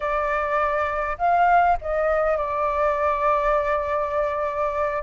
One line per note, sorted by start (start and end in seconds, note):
0.00 1.17 D5
1.18 1.77 F5
1.81 2.37 D#5
2.37 5.02 D5